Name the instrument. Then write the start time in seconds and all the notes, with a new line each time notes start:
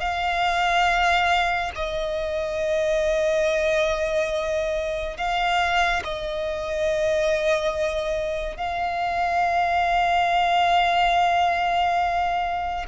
violin
0.00 F5
1.75 D#5
5.17 F5
6.04 D#5
8.57 F5